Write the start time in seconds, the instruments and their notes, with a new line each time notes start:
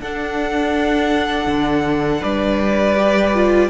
0.00 cello D4, viola D4, violin A4 F#5
1.47 cello D3
2.21 cello G3, violin B4 D5
2.96 viola G4
3.35 viola F4